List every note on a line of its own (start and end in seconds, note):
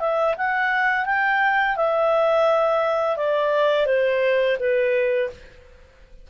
0.00 0.35 E5
0.38 1.06 F#5
1.06 1.76 G5
1.76 3.17 E5
3.17 3.87 D5
3.87 4.57 C5
4.59 5.30 B4